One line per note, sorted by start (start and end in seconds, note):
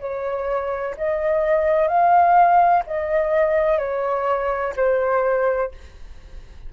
0.00 0.95 C#5
0.97 1.88 D#5
1.88 2.83 F5
2.87 3.78 D#5
3.78 4.74 C#5
4.77 5.72 C5